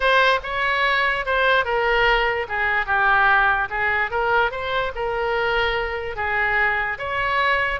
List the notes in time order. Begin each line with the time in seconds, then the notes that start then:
0.00 C5
0.43 C#5
1.25 C5
1.64 A#4
2.48 G#4
2.86 G4
3.69 G#4
4.11 A#4
4.51 C5
4.95 A#4
6.16 G#4
6.98 C#5